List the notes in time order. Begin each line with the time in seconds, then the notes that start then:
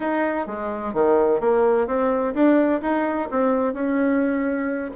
0.00 D#4
0.46 G#3
0.93 D#3
1.40 A#3
1.87 C4
2.34 D4
2.81 D#4
3.30 C4
3.73 C#4